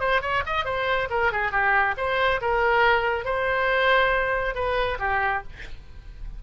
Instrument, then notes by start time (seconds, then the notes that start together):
oboe
0.00 C5
0.22 C#5
0.46 D#5
0.65 C5
1.10 A#4
1.32 G#4
1.51 G4
1.97 C5
2.41 A#4
3.25 C5
4.55 B4
4.99 G4